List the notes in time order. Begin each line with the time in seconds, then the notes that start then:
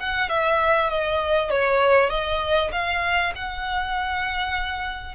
0.00 F#5
0.29 E5
0.90 D#5
1.51 C#5
2.10 D#5
2.72 F5
3.36 F#5